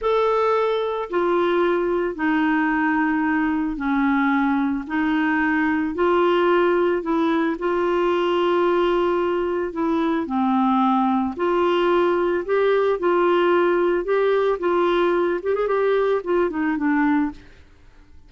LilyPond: \new Staff \with { instrumentName = "clarinet" } { \time 4/4 \tempo 4 = 111 a'2 f'2 | dis'2. cis'4~ | cis'4 dis'2 f'4~ | f'4 e'4 f'2~ |
f'2 e'4 c'4~ | c'4 f'2 g'4 | f'2 g'4 f'4~ | f'8 g'16 gis'16 g'4 f'8 dis'8 d'4 | }